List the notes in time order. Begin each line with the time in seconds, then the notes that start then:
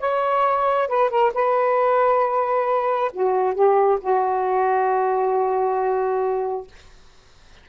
0.00 C#5
0.89 B4
1.10 A#4
1.34 B4
3.13 F#4
3.55 G4
4.01 F#4